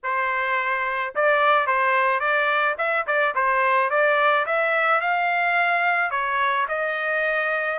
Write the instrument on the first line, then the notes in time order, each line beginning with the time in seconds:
trumpet
0.03 C5
1.15 D5
1.66 C5
2.20 D5
2.78 E5
3.06 D5
3.34 C5
3.90 D5
4.45 E5
5.00 F5
6.10 C#5
6.68 D#5